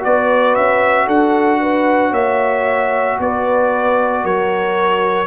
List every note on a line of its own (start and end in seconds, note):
0.00 5.26 F#4
0.00 1.07 B4
0.00 0.55 D5
0.06 0.57 B3
0.55 1.08 C#4
0.55 1.08 E5
1.07 2.12 D4
1.07 1.59 A4
1.07 2.14 F#5
1.61 2.11 B4
2.11 3.18 A#3
2.11 3.16 C#5
2.11 3.19 E5
3.20 4.25 B3
3.20 4.23 B4
3.20 4.26 D5
4.23 5.27 F#3
4.23 5.27 A#4
4.23 5.27 C#5